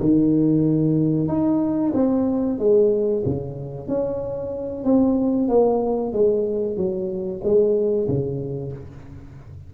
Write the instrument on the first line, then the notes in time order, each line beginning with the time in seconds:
tuba
0.00 D#3
1.28 D#4
1.94 C4
2.58 G#3
3.25 C#3
3.88 C#4
4.84 C4
5.48 A#3
6.12 G#3
6.77 F#3
7.43 G#3
8.08 C#3